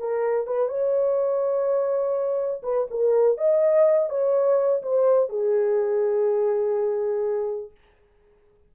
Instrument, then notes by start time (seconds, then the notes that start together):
horn
0.00 A#4
0.47 B4
0.69 C#5
2.63 B4
2.91 A#4
3.38 D#5
4.10 C#5
4.83 C5
5.30 G#4